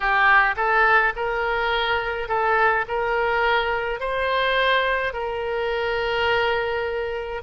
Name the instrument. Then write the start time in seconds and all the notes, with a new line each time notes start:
oboe
0.00 G4
0.56 A4
1.16 A#4
2.28 A4
2.88 A#4
4.00 C5
5.13 A#4